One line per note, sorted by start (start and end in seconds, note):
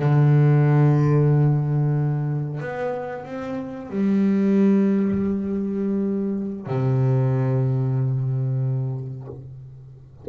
0.00 2.61 D3
2.61 3.25 B3
3.25 3.90 C4
3.90 6.67 G3
6.67 9.28 C3